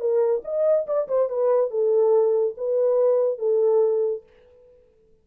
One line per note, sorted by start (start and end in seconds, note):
0.00 0.42 A#4
0.44 0.87 D#5
0.87 1.08 D5
1.08 1.29 C5
1.29 1.71 B4
1.71 2.55 A4
2.57 3.39 B4
3.39 4.23 A4